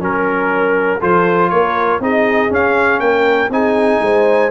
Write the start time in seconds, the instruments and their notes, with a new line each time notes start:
0.00 tuba F#3, trombone C#4, horn A#4, trumpet A#4
1.00 tuba F3, trombone F4, horn A4, trumpet C5
1.50 tuba A#3, horn A#4, trumpet C#5
2.00 tuba C4, trombone D#4, horn G#4, trumpet D#5
2.49 trombone C#4, tuba C#4, trumpet F5
3.00 tuba A#3, horn A#4, trumpet G5
3.49 tuba C4, trombone D#4, horn G#4, trumpet G#5
4.01 tuba G#3, horn C5